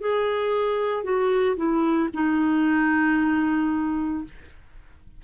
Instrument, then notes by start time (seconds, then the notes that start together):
clarinet
0.00 G#4
1.03 F#4
1.56 E4
2.13 D#4